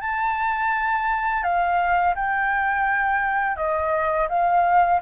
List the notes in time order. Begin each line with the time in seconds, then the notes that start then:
0.00 A5
1.43 F5
2.15 G5
3.56 D#5
4.29 F5